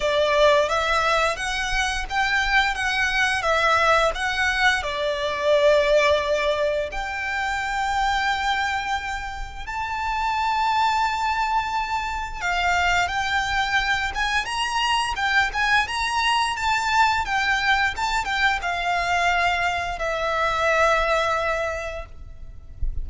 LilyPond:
\new Staff \with { instrumentName = "violin" } { \time 4/4 \tempo 4 = 87 d''4 e''4 fis''4 g''4 | fis''4 e''4 fis''4 d''4~ | d''2 g''2~ | g''2 a''2~ |
a''2 f''4 g''4~ | g''8 gis''8 ais''4 g''8 gis''8 ais''4 | a''4 g''4 a''8 g''8 f''4~ | f''4 e''2. | }